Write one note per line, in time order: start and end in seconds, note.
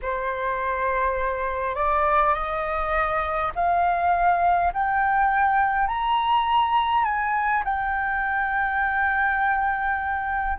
0.02 1.75 C5
1.75 2.34 D5
2.34 3.51 D#5
3.55 4.73 F5
4.73 5.87 G5
5.87 7.04 A#5
7.04 7.63 G#5
7.64 10.58 G5